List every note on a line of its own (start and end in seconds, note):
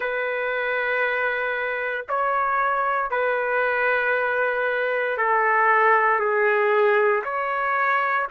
0.00 2.05 B4
2.08 3.10 C#5
3.10 5.17 B4
5.17 6.19 A4
6.19 7.23 G#4
7.24 8.27 C#5